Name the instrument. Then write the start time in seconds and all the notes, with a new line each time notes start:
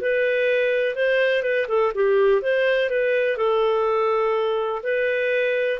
clarinet
0.00 B4
0.95 C5
1.42 B4
1.68 A4
1.94 G4
2.41 C5
2.89 B4
3.37 A4
4.83 B4